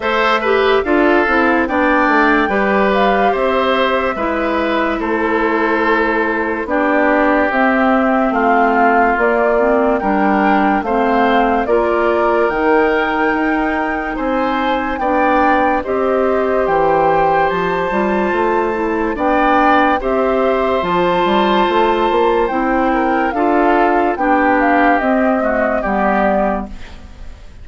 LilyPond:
<<
  \new Staff \with { instrumentName = "flute" } { \time 4/4 \tempo 4 = 72 e''4 f''4 g''4. f''8 | e''2 c''2 | d''4 e''4 f''4 d''4 | g''4 f''4 d''4 g''4~ |
g''4 gis''4 g''4 dis''4 | g''4 a''2 g''4 | e''4 a''2 g''4 | f''4 g''8 f''8 dis''4 d''4 | }
  \new Staff \with { instrumentName = "oboe" } { \time 4/4 c''8 b'8 a'4 d''4 b'4 | c''4 b'4 a'2 | g'2 f'2 | ais'4 c''4 ais'2~ |
ais'4 c''4 d''4 c''4~ | c''2. d''4 | c''2.~ c''8 ais'8 | a'4 g'4. fis'8 g'4 | }
  \new Staff \with { instrumentName = "clarinet" } { \time 4/4 a'8 g'8 f'8 e'8 d'4 g'4~ | g'4 e'2. | d'4 c'2 ais8 c'8 | d'4 c'4 f'4 dis'4~ |
dis'2 d'4 g'4~ | g'4. f'4 e'8 d'4 | g'4 f'2 e'4 | f'4 d'4 c'8 a8 b4 | }
  \new Staff \with { instrumentName = "bassoon" } { \time 4/4 a4 d'8 c'8 b8 a8 g4 | c'4 gis4 a2 | b4 c'4 a4 ais4 | g4 a4 ais4 dis4 |
dis'4 c'4 b4 c'4 | e4 f8 g8 a4 b4 | c'4 f8 g8 a8 ais8 c'4 | d'4 b4 c'4 g4 | }
>>